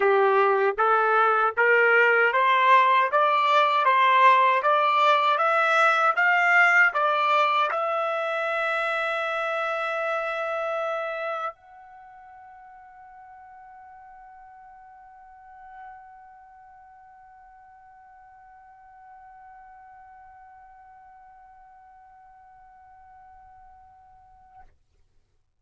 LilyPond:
\new Staff \with { instrumentName = "trumpet" } { \time 4/4 \tempo 4 = 78 g'4 a'4 ais'4 c''4 | d''4 c''4 d''4 e''4 | f''4 d''4 e''2~ | e''2. fis''4~ |
fis''1~ | fis''1~ | fis''1~ | fis''1 | }